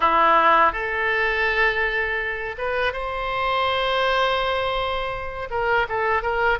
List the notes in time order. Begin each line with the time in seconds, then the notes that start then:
0.00 E4
0.72 A4
2.58 B4
2.92 C5
5.50 A#4
5.89 A4
6.22 A#4